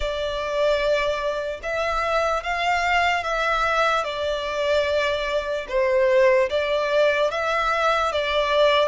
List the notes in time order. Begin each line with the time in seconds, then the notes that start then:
0.00 D5
1.62 E5
2.43 F5
3.23 E5
4.04 D5
5.68 C5
6.49 D5
7.30 E5
8.12 D5